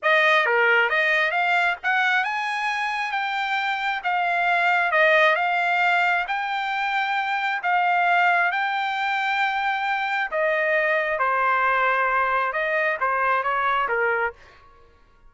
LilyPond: \new Staff \with { instrumentName = "trumpet" } { \time 4/4 \tempo 4 = 134 dis''4 ais'4 dis''4 f''4 | fis''4 gis''2 g''4~ | g''4 f''2 dis''4 | f''2 g''2~ |
g''4 f''2 g''4~ | g''2. dis''4~ | dis''4 c''2. | dis''4 c''4 cis''4 ais'4 | }